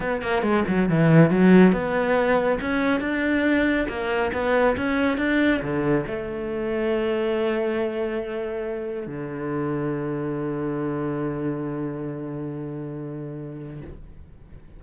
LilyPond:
\new Staff \with { instrumentName = "cello" } { \time 4/4 \tempo 4 = 139 b8 ais8 gis8 fis8 e4 fis4 | b2 cis'4 d'4~ | d'4 ais4 b4 cis'4 | d'4 d4 a2~ |
a1~ | a4 d2.~ | d1~ | d1 | }